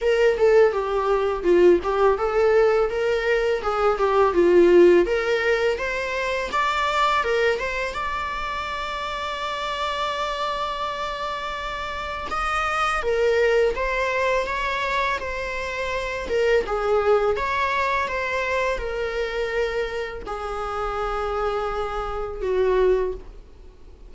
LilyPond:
\new Staff \with { instrumentName = "viola" } { \time 4/4 \tempo 4 = 83 ais'8 a'8 g'4 f'8 g'8 a'4 | ais'4 gis'8 g'8 f'4 ais'4 | c''4 d''4 ais'8 c''8 d''4~ | d''1~ |
d''4 dis''4 ais'4 c''4 | cis''4 c''4. ais'8 gis'4 | cis''4 c''4 ais'2 | gis'2. fis'4 | }